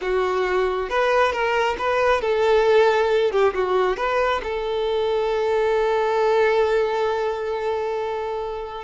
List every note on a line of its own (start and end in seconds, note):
0.01 0.89 F#4
0.89 1.32 B4
1.32 1.76 A#4
1.78 2.21 B4
2.21 3.31 A4
3.31 3.53 G4
3.53 3.96 F#4
3.96 4.41 B4
4.43 8.84 A4